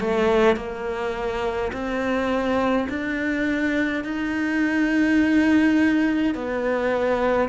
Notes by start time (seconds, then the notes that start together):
0.00 A3
0.57 A#3
1.73 C4
2.89 D4
4.04 D#4
6.35 B3